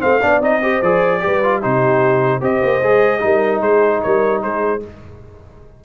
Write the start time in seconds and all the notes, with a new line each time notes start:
0.00 A3 C4 C5 F5
0.21 B3 D4 D5
0.41 C4 D#4 D#5
0.62 G4 C5
0.82 F3 G#4 D5
1.20 G3 G4 B4
1.44 F4
1.61 C3 D#4 G4 C5
2.41 C4 G4 C5 D#5
2.62 A#3
2.83 G#3 G#4
3.20 G3 D#4 A#4
3.61 G#3 G#4 C5
4.02 G3 A#4 C#5
4.43 G#3 G#4 C5